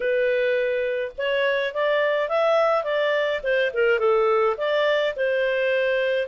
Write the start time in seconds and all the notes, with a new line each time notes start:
0.00 B4
1.17 C#5
1.74 D5
2.28 E5
2.84 D5
3.43 C5
3.73 A#4
3.99 A4
4.57 D5
5.16 C5